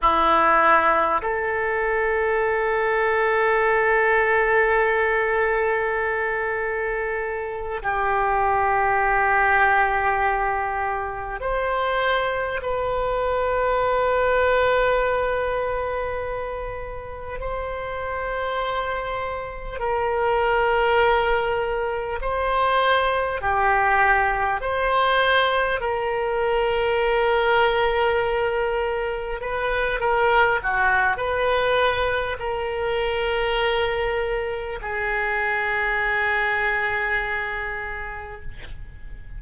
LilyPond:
\new Staff \with { instrumentName = "oboe" } { \time 4/4 \tempo 4 = 50 e'4 a'2.~ | a'2~ a'8 g'4.~ | g'4. c''4 b'4.~ | b'2~ b'8 c''4.~ |
c''8 ais'2 c''4 g'8~ | g'8 c''4 ais'2~ ais'8~ | ais'8 b'8 ais'8 fis'8 b'4 ais'4~ | ais'4 gis'2. | }